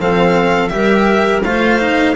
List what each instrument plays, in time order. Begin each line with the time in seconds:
0.00 double bass F3, cello C4, clarinet A4, violin F5
0.68 double bass G3, cello G4, clarinet A#4, violin E5
1.44 double bass A3, cello F4, clarinet C5, violin F5
1.79 cello D#4